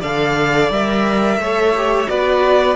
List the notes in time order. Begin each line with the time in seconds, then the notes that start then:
0.00 D3 A4 D5 F5
0.70 G3 A#4 E5
1.38 A3 A4 C#5
1.76 G4
2.07 B3 F#4 B4 D5